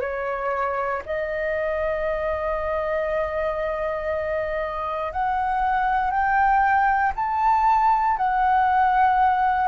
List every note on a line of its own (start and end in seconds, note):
0.00 1.02 C#5
1.05 5.12 D#5
5.12 6.10 F#5
6.10 7.12 G5
7.15 8.17 A5
8.17 9.67 F#5